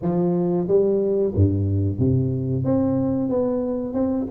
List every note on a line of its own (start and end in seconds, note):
0.01 0.67 F3
0.67 1.33 G3
1.35 1.98 G2
1.98 2.64 C3
2.64 3.29 C4
3.29 3.93 B3
3.93 4.26 C4